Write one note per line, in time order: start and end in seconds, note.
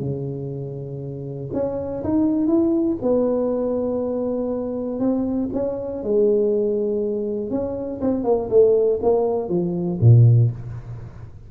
0.00 1.50 C#3
1.53 2.03 C#4
2.03 2.47 D#4
2.47 2.97 E4
3.02 5.00 B3
5.00 5.50 C4
5.53 6.03 C#4
6.03 7.50 G#3
7.50 8.00 C#4
8.01 8.24 C4
8.24 8.49 A#3
8.49 8.99 A3
9.02 9.49 A#3
9.49 9.99 F3
10.00 10.50 A#2